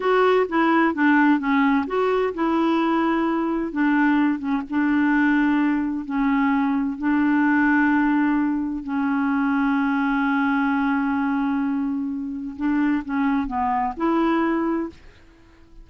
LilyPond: \new Staff \with { instrumentName = "clarinet" } { \time 4/4 \tempo 4 = 129 fis'4 e'4 d'4 cis'4 | fis'4 e'2. | d'4. cis'8 d'2~ | d'4 cis'2 d'4~ |
d'2. cis'4~ | cis'1~ | cis'2. d'4 | cis'4 b4 e'2 | }